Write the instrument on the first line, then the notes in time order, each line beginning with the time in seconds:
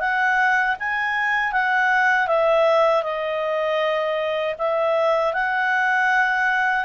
clarinet
0.00 F#5
0.80 G#5
1.52 F#5
2.27 E5
3.03 D#5
4.58 E5
5.33 F#5